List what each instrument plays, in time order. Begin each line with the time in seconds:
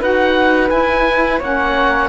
0.00 cello D#4, saxophone F#4, flute B4, oboe F#5
0.68 saxophone E4, cello E4, oboe G#5
1.39 cello A#3, saxophone C#4, flute C#5, oboe F#5